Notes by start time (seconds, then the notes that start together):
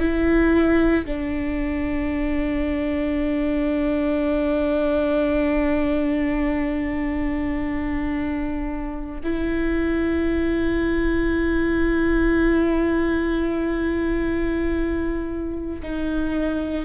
0.00 E4
1.06 D4
9.24 E4
15.83 D#4